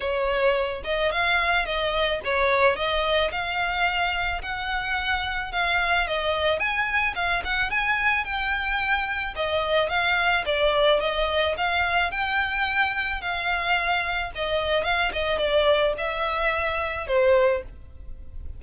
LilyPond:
\new Staff \with { instrumentName = "violin" } { \time 4/4 \tempo 4 = 109 cis''4. dis''8 f''4 dis''4 | cis''4 dis''4 f''2 | fis''2 f''4 dis''4 | gis''4 f''8 fis''8 gis''4 g''4~ |
g''4 dis''4 f''4 d''4 | dis''4 f''4 g''2 | f''2 dis''4 f''8 dis''8 | d''4 e''2 c''4 | }